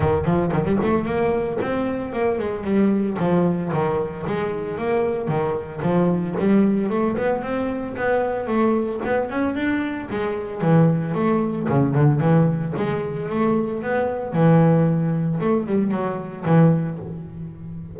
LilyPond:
\new Staff \with { instrumentName = "double bass" } { \time 4/4 \tempo 4 = 113 dis8 f8 dis16 g16 a8 ais4 c'4 | ais8 gis8 g4 f4 dis4 | gis4 ais4 dis4 f4 | g4 a8 b8 c'4 b4 |
a4 b8 cis'8 d'4 gis4 | e4 a4 cis8 d8 e4 | gis4 a4 b4 e4~ | e4 a8 g8 fis4 e4 | }